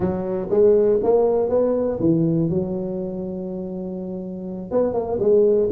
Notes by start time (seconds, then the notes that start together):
0.00 F#3
0.50 G#3
1.03 A#3
1.49 B3
1.99 E3
2.49 F#3
4.71 B3
4.93 A#3
5.19 G#3